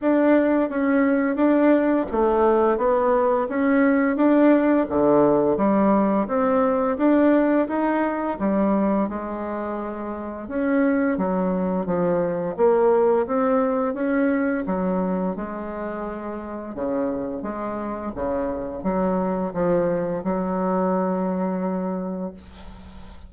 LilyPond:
\new Staff \with { instrumentName = "bassoon" } { \time 4/4 \tempo 4 = 86 d'4 cis'4 d'4 a4 | b4 cis'4 d'4 d4 | g4 c'4 d'4 dis'4 | g4 gis2 cis'4 |
fis4 f4 ais4 c'4 | cis'4 fis4 gis2 | cis4 gis4 cis4 fis4 | f4 fis2. | }